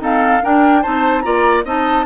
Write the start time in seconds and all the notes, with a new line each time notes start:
0.00 C4 D#4 A4 F5
0.42 D4 A#4 G5
0.82 C4 D#4 C5 A5
1.22 A#3 F4 D5 A#5
1.64 C4 D#4 D#5 A5